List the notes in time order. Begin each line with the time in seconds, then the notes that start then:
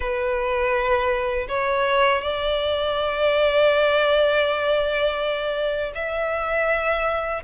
0.00 B4
1.48 C#5
2.21 D5
5.95 E5